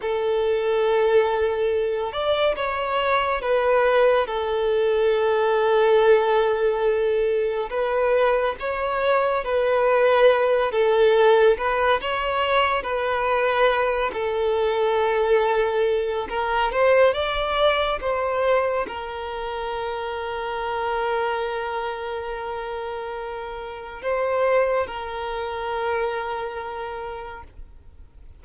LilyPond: \new Staff \with { instrumentName = "violin" } { \time 4/4 \tempo 4 = 70 a'2~ a'8 d''8 cis''4 | b'4 a'2.~ | a'4 b'4 cis''4 b'4~ | b'8 a'4 b'8 cis''4 b'4~ |
b'8 a'2~ a'8 ais'8 c''8 | d''4 c''4 ais'2~ | ais'1 | c''4 ais'2. | }